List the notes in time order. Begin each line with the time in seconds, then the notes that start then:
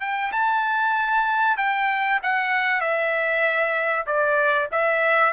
0.00 G5
0.32 A5
1.57 G5
2.23 F#5
2.80 E5
4.06 D5
4.72 E5